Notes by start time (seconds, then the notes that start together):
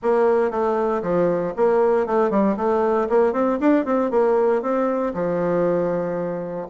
0.02 A#3
0.50 A3
1.02 F3
1.56 A#3
2.06 A3
2.30 G3
2.56 A3
3.09 A#3
3.33 C4
3.59 D4
3.85 C4
4.10 A#3
4.62 C4
5.14 F3